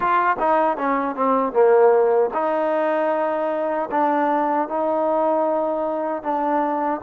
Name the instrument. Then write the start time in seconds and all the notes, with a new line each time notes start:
trombone
0.00 F4
0.39 D#4
0.77 C#4
1.15 C4
1.52 A#3
2.33 D#4
3.91 D4
4.68 D#4
6.22 D4